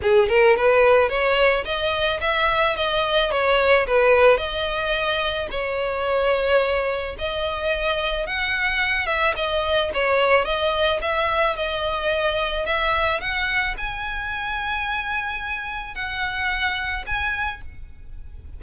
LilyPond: \new Staff \with { instrumentName = "violin" } { \time 4/4 \tempo 4 = 109 gis'8 ais'8 b'4 cis''4 dis''4 | e''4 dis''4 cis''4 b'4 | dis''2 cis''2~ | cis''4 dis''2 fis''4~ |
fis''8 e''8 dis''4 cis''4 dis''4 | e''4 dis''2 e''4 | fis''4 gis''2.~ | gis''4 fis''2 gis''4 | }